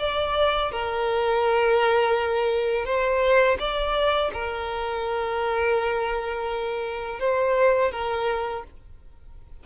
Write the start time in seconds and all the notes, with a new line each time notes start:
0.00 D5
0.72 A#4
2.86 C5
3.59 D5
4.34 A#4
7.20 C5
7.92 A#4